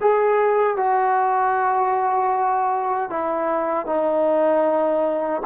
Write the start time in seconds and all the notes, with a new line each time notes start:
0.00 G#4
0.76 F#4
3.10 E4
3.86 D#4